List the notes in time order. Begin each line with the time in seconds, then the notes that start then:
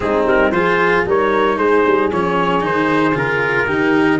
0.00 G#3 C4 D#4 G#4
0.25 G3 A#4
0.51 F3 F4 G#4 C5
1.05 G3 D#4 A#4 C#5
1.57 G#3 G#4 C5
1.86 G3
2.12 F3 C#4 C#5
2.60 D#3 D#4 C5
3.14 C#3 F4 A#4
3.66 D#3 D#4 G4